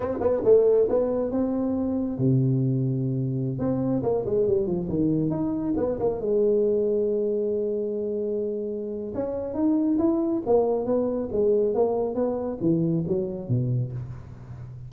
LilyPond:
\new Staff \with { instrumentName = "tuba" } { \time 4/4 \tempo 4 = 138 c'8 b8 a4 b4 c'4~ | c'4 c2.~ | c16 c'4 ais8 gis8 g8 f8 dis8.~ | dis16 dis'4 b8 ais8 gis4.~ gis16~ |
gis1~ | gis4 cis'4 dis'4 e'4 | ais4 b4 gis4 ais4 | b4 e4 fis4 b,4 | }